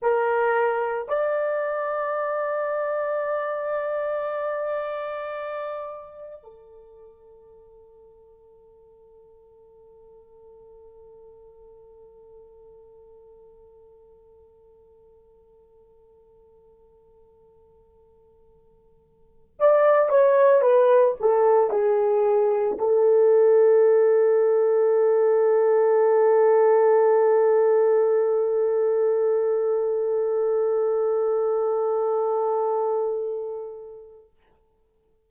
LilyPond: \new Staff \with { instrumentName = "horn" } { \time 4/4 \tempo 4 = 56 ais'4 d''2.~ | d''2 a'2~ | a'1~ | a'1~ |
a'2~ a'16 d''8 cis''8 b'8 a'16~ | a'16 gis'4 a'2~ a'8.~ | a'1~ | a'1 | }